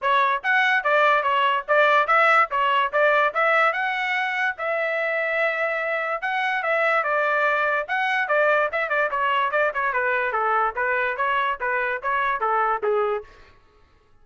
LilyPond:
\new Staff \with { instrumentName = "trumpet" } { \time 4/4 \tempo 4 = 145 cis''4 fis''4 d''4 cis''4 | d''4 e''4 cis''4 d''4 | e''4 fis''2 e''4~ | e''2. fis''4 |
e''4 d''2 fis''4 | d''4 e''8 d''8 cis''4 d''8 cis''8 | b'4 a'4 b'4 cis''4 | b'4 cis''4 a'4 gis'4 | }